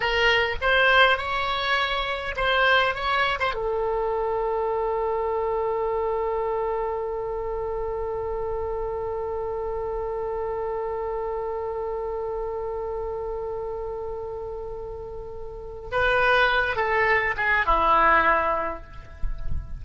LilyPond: \new Staff \with { instrumentName = "oboe" } { \time 4/4 \tempo 4 = 102 ais'4 c''4 cis''2 | c''4 cis''8. c''16 a'2~ | a'1~ | a'1~ |
a'1~ | a'1~ | a'2. b'4~ | b'8 a'4 gis'8 e'2 | }